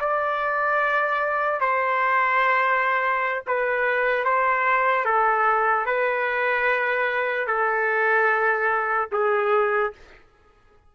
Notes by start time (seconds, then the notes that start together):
0.00 D5
1.60 C5
3.47 B4
4.25 C5
5.05 A4
5.86 B4
7.47 A4
9.11 G#4